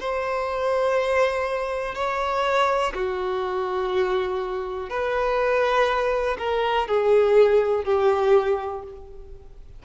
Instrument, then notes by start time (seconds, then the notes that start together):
violin
0.00 C5
1.95 C#5
2.94 F#4
4.90 B4
6.38 A#4
6.87 G#4
7.84 G4